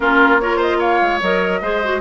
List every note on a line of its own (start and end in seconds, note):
0.00 1.01 A#3
0.00 0.40 C#4
0.00 0.41 F4
0.00 0.40 A#4
0.40 1.22 F4
0.40 0.56 A#4
0.40 0.60 C#5
0.56 0.77 C5
0.56 0.80 D#5
0.78 1.59 C#5
0.78 1.20 F5
1.01 1.21 G#3
1.21 1.61 F#3
1.21 1.62 A#4
1.21 2.01 D#5
1.61 2.01 G#3
1.61 1.82 G#4
1.61 2.01 C5
1.83 2.01 F#4